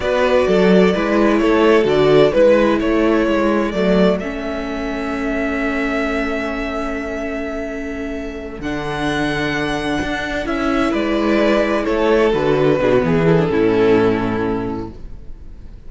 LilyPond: <<
  \new Staff \with { instrumentName = "violin" } { \time 4/4 \tempo 4 = 129 d''2. cis''4 | d''4 b'4 cis''2 | d''4 e''2.~ | e''1~ |
e''2~ e''8 fis''4.~ | fis''2~ fis''8 e''4 d''8~ | d''4. cis''4 b'4.~ | b'8 a'2.~ a'8 | }
  \new Staff \with { instrumentName = "violin" } { \time 4/4 b'4 a'4 b'4 a'4~ | a'4 b'4 a'2~ | a'1~ | a'1~ |
a'1~ | a'2.~ a'8 b'8~ | b'4. a'2 gis'16 fis'16 | gis'4 e'2. | }
  \new Staff \with { instrumentName = "viola" } { \time 4/4 fis'2 e'2 | fis'4 e'2. | a4 cis'2.~ | cis'1~ |
cis'2~ cis'8 d'4.~ | d'2~ d'8 e'4.~ | e'2~ e'8 fis'4 d'8 | b8 e'16 d'16 cis'2. | }
  \new Staff \with { instrumentName = "cello" } { \time 4/4 b4 fis4 gis4 a4 | d4 gis4 a4 gis4 | fis4 a2.~ | a1~ |
a2~ a8 d4.~ | d4. d'4 cis'4 gis8~ | gis4. a4 d4 b,8 | e4 a,2. | }
>>